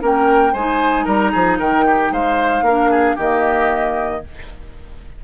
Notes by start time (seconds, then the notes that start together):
0.00 A#3 C#4 A#4 G5
0.53 G#3 D#4 C5 G#5
1.04 G3 A#4 A#5
1.32 F3 G#4
1.59 D#3 A#4 G5
1.86 G4
2.11 G#3 C5 F5
2.62 A#3 A#4
2.69 D4
2.91 G#4
3.16 D#3 A#3 G4 D#5